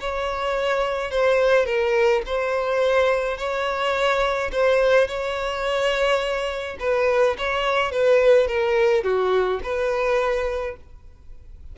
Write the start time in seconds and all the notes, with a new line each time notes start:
0.00 C#5
1.11 C5
1.65 A#4
2.26 C5
3.38 C#5
4.52 C5
5.08 C#5
6.80 B4
7.38 C#5
7.92 B4
8.48 A#4
9.04 F#4
9.63 B4